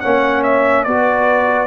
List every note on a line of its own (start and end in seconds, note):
0.00 0.86 A#3
0.00 0.87 C#4
0.00 0.86 C#5
0.00 0.42 F#5
0.43 0.84 E5
0.84 1.67 B3
0.84 1.67 F#4
0.84 1.67 B4
0.84 1.67 D5